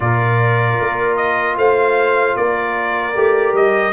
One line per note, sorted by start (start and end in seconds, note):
0.00 0.78 A#2
0.00 3.13 F4
0.00 1.58 A#4
0.00 1.16 D5
0.80 1.57 A#3
1.16 1.55 D#5
1.57 2.36 A3
1.57 2.37 C5
1.57 2.36 F5
2.36 3.15 A#3
2.36 3.92 A#4
2.36 3.55 D5
3.15 3.53 A3
3.15 3.92 G4
3.53 3.92 G3
3.53 3.92 D#5